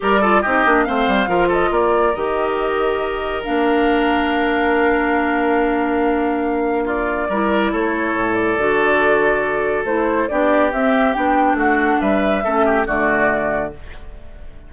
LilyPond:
<<
  \new Staff \with { instrumentName = "flute" } { \time 4/4 \tempo 4 = 140 d''4 dis''4 f''4. dis''8 | d''4 dis''2. | f''1~ | f''1 |
d''2 cis''4. d''8~ | d''2. c''4 | d''4 e''4 g''4 fis''4 | e''2 d''2 | }
  \new Staff \with { instrumentName = "oboe" } { \time 4/4 ais'8 a'8 g'4 c''4 ais'8 a'8 | ais'1~ | ais'1~ | ais'1 |
f'4 ais'4 a'2~ | a'1 | g'2. fis'4 | b'4 a'8 g'8 fis'2 | }
  \new Staff \with { instrumentName = "clarinet" } { \time 4/4 g'8 f'8 dis'8 d'8 c'4 f'4~ | f'4 g'2. | d'1~ | d'1~ |
d'4 e'2. | fis'2. e'4 | d'4 c'4 d'2~ | d'4 cis'4 a2 | }
  \new Staff \with { instrumentName = "bassoon" } { \time 4/4 g4 c'8 ais8 a8 g8 f4 | ais4 dis2. | ais1~ | ais1~ |
ais4 g4 a4 a,4 | d2. a4 | b4 c'4 b4 a4 | g4 a4 d2 | }
>>